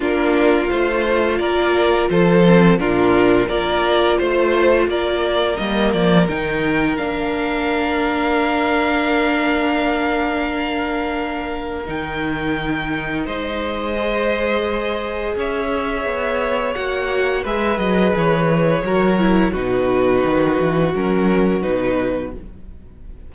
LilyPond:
<<
  \new Staff \with { instrumentName = "violin" } { \time 4/4 \tempo 4 = 86 ais'4 c''4 d''4 c''4 | ais'4 d''4 c''4 d''4 | dis''8 d''8 g''4 f''2~ | f''1~ |
f''4 g''2 dis''4~ | dis''2 e''2 | fis''4 e''8 dis''8 cis''2 | b'2 ais'4 b'4 | }
  \new Staff \with { instrumentName = "violin" } { \time 4/4 f'2 ais'4 a'4 | f'4 ais'4 c''4 ais'4~ | ais'1~ | ais'1~ |
ais'2. c''4~ | c''2 cis''2~ | cis''4 b'2 ais'4 | fis'1 | }
  \new Staff \with { instrumentName = "viola" } { \time 4/4 d'4 f'2~ f'8 c'8 | d'4 f'2. | ais4 dis'4 d'2~ | d'1~ |
d'4 dis'2. | gis'1 | fis'4 gis'2 fis'8 e'8 | dis'2 cis'4 dis'4 | }
  \new Staff \with { instrumentName = "cello" } { \time 4/4 ais4 a4 ais4 f4 | ais,4 ais4 a4 ais4 | g8 f8 dis4 ais2~ | ais1~ |
ais4 dis2 gis4~ | gis2 cis'4 b4 | ais4 gis8 fis8 e4 fis4 | b,4 dis8 e8 fis4 b,4 | }
>>